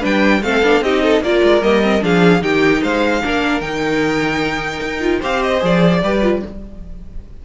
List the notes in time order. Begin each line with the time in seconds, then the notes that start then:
0.00 G3 D4 B4 G5
0.43 A3 C4 A4 F5
0.62 B3 D4
0.81 C4 D#4 G4 D#5
1.03 A4
1.21 A#3 F4 A#4 D5
1.43 G#3
1.62 G3 A#3 D#5
1.83 C4
2.01 F3 D4 G#4 F5
2.41 D#3 D#4 G4 G5
2.83 G#3 C5 F5
3.23 A#3 D4 A#4
3.61 D#3 D#4 G5
4.81 D#4
5.01 F4
5.20 C4 G4 C5 F5
5.43 D#5
5.61 F3 G#4 D5
6.03 G3 G4 B4
6.22 F4